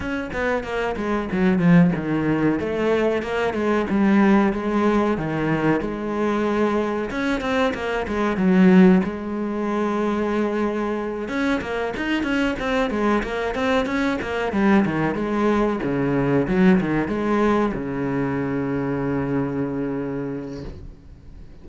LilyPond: \new Staff \with { instrumentName = "cello" } { \time 4/4 \tempo 4 = 93 cis'8 b8 ais8 gis8 fis8 f8 dis4 | a4 ais8 gis8 g4 gis4 | dis4 gis2 cis'8 c'8 | ais8 gis8 fis4 gis2~ |
gis4. cis'8 ais8 dis'8 cis'8 c'8 | gis8 ais8 c'8 cis'8 ais8 g8 dis8 gis8~ | gis8 cis4 fis8 dis8 gis4 cis8~ | cis1 | }